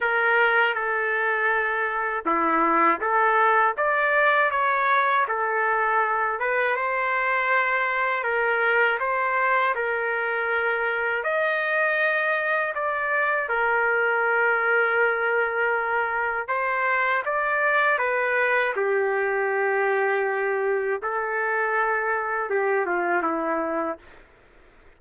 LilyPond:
\new Staff \with { instrumentName = "trumpet" } { \time 4/4 \tempo 4 = 80 ais'4 a'2 e'4 | a'4 d''4 cis''4 a'4~ | a'8 b'8 c''2 ais'4 | c''4 ais'2 dis''4~ |
dis''4 d''4 ais'2~ | ais'2 c''4 d''4 | b'4 g'2. | a'2 g'8 f'8 e'4 | }